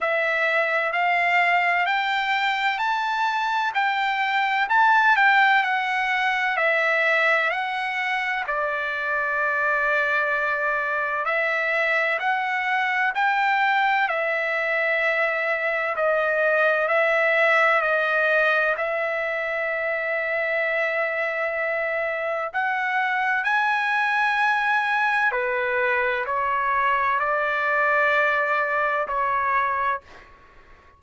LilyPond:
\new Staff \with { instrumentName = "trumpet" } { \time 4/4 \tempo 4 = 64 e''4 f''4 g''4 a''4 | g''4 a''8 g''8 fis''4 e''4 | fis''4 d''2. | e''4 fis''4 g''4 e''4~ |
e''4 dis''4 e''4 dis''4 | e''1 | fis''4 gis''2 b'4 | cis''4 d''2 cis''4 | }